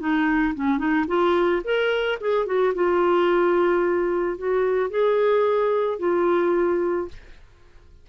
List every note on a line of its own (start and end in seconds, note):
0.00 0.55 D#4
0.55 0.78 C#4
0.78 1.06 D#4
1.08 1.62 F4
1.64 2.19 A#4
2.21 2.46 G#4
2.46 2.73 F#4
2.75 4.38 F4
4.38 4.90 F#4
4.90 6.00 G#4
6.00 7.09 F4